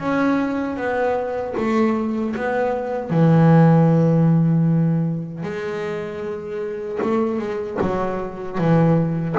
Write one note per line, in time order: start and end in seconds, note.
0.00 0.77 C#4
0.77 1.55 B3
1.58 2.36 A3
2.36 3.10 B3
3.10 5.44 E3
5.44 7.00 G#3
7.03 7.39 A3
7.39 7.78 G#3
7.82 8.58 F#3
8.58 9.36 E3